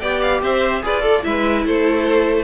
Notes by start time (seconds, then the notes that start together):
0.00 B3 G4 D5 G5
0.22 F5
0.42 C4 C5 E5
0.83 F4 G#4 B4 D5
1.01 A4
1.23 G#3 E4 B4 E5
1.65 A3 A4 C5